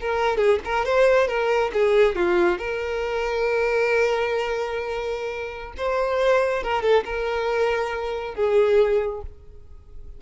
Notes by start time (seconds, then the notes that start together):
0.00 A#4
0.37 G#4
0.65 A#4
0.85 C5
1.27 A#4
1.73 G#4
2.15 F4
2.58 A#4
5.77 C5
6.63 A#4
6.82 A4
7.05 A#4
8.34 G#4